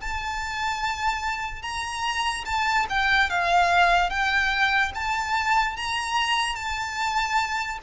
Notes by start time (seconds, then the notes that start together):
0.00 A5
1.62 A#5
2.45 A5
2.89 G5
3.30 F5
4.09 G5
4.94 A5
5.76 A#5
6.55 A5